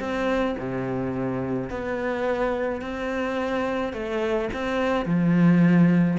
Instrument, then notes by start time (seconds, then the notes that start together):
cello
0.00 C4
0.59 C3
1.70 B3
2.82 C4
3.93 A3
4.53 C4
5.05 F3